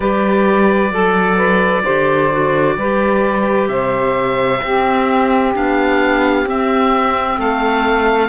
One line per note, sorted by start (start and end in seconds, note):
0.00 0.90 G3
0.00 0.91 G4
0.00 0.92 B4
0.00 3.68 D5
0.90 1.82 F#3
0.90 1.83 A4
0.90 1.36 A4
1.36 1.82 B4
1.83 2.76 D3
1.83 2.31 G4
1.83 2.75 C5
2.31 2.77 F#4
2.76 3.68 G3
2.76 4.63 G4
2.76 3.70 B4
3.68 4.60 C3
3.68 4.62 C5
3.68 5.52 E5
4.62 5.54 C4
4.62 7.37 G4
5.54 6.45 B3
5.54 6.45 D4
5.54 6.48 F5
6.45 7.37 C4
6.45 8.29 C4
6.45 7.39 E5
7.37 8.29 A3
7.37 8.29 A4
7.37 8.29 F5